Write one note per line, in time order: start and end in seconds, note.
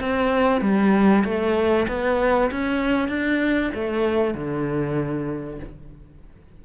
0.00 0.61 C4
0.61 1.24 G3
1.24 1.87 A3
1.88 2.51 B3
2.51 3.08 C#4
3.08 3.71 D4
3.74 4.34 A3
4.34 5.59 D3